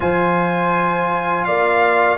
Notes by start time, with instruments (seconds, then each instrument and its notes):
0.00 tuba F3, trombone F4, horn C5, trumpet G#5
1.44 tuba A#3, horn D5, trumpet F5